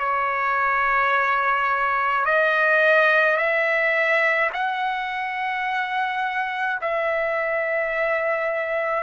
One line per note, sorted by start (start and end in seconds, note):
0.00 2.25 C#5
2.25 3.37 D#5
3.37 4.50 E5
4.53 6.80 F#5
6.82 9.04 E5